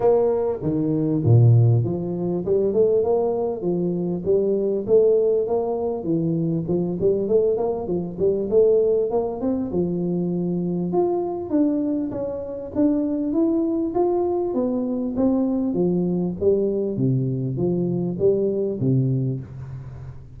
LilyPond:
\new Staff \with { instrumentName = "tuba" } { \time 4/4 \tempo 4 = 99 ais4 dis4 ais,4 f4 | g8 a8 ais4 f4 g4 | a4 ais4 e4 f8 g8 | a8 ais8 f8 g8 a4 ais8 c'8 |
f2 f'4 d'4 | cis'4 d'4 e'4 f'4 | b4 c'4 f4 g4 | c4 f4 g4 c4 | }